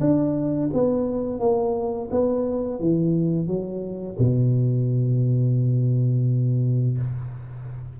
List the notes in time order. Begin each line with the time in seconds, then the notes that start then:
0.00 D4
0.73 B3
1.39 A#3
2.10 B3
2.79 E3
3.47 F#3
4.19 B2